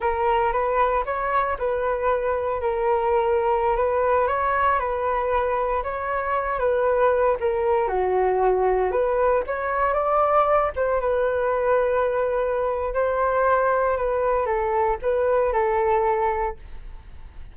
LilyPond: \new Staff \with { instrumentName = "flute" } { \time 4/4 \tempo 4 = 116 ais'4 b'4 cis''4 b'4~ | b'4 ais'2~ ais'16 b'8.~ | b'16 cis''4 b'2 cis''8.~ | cis''8. b'4. ais'4 fis'8.~ |
fis'4~ fis'16 b'4 cis''4 d''8.~ | d''8. c''8 b'2~ b'8.~ | b'4 c''2 b'4 | a'4 b'4 a'2 | }